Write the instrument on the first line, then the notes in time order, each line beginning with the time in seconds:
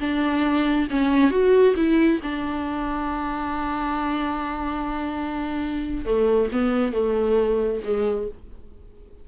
viola
0.00 D4
0.90 C#4
1.31 F#4
1.76 E4
2.23 D4
6.06 A3
6.52 B3
6.93 A3
7.84 G#3